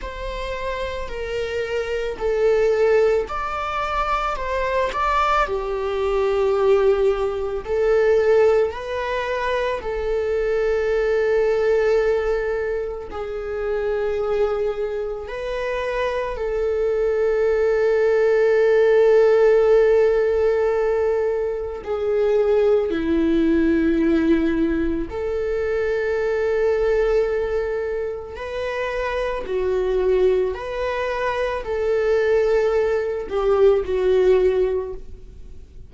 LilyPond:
\new Staff \with { instrumentName = "viola" } { \time 4/4 \tempo 4 = 55 c''4 ais'4 a'4 d''4 | c''8 d''8 g'2 a'4 | b'4 a'2. | gis'2 b'4 a'4~ |
a'1 | gis'4 e'2 a'4~ | a'2 b'4 fis'4 | b'4 a'4. g'8 fis'4 | }